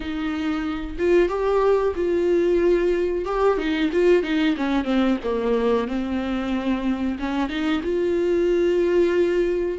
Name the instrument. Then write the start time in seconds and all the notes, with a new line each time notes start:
viola
0.00 D#4
0.98 F4
1.29 G4
1.95 F4
3.25 G4
3.58 D#4
3.92 F4
4.22 D#4
4.56 C#4
4.84 C4
5.23 A#3
5.87 C4
7.19 C#4
7.49 D#4
7.83 F4